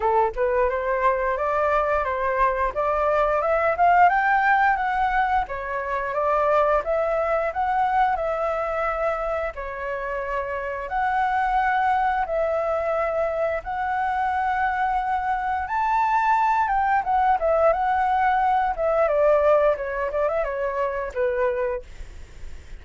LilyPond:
\new Staff \with { instrumentName = "flute" } { \time 4/4 \tempo 4 = 88 a'8 b'8 c''4 d''4 c''4 | d''4 e''8 f''8 g''4 fis''4 | cis''4 d''4 e''4 fis''4 | e''2 cis''2 |
fis''2 e''2 | fis''2. a''4~ | a''8 g''8 fis''8 e''8 fis''4. e''8 | d''4 cis''8 d''16 e''16 cis''4 b'4 | }